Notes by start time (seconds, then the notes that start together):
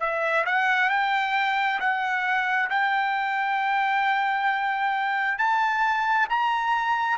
0.00 E5
0.46 F#5
0.90 G5
1.80 F#5
2.70 G5
5.39 A5
6.30 A#5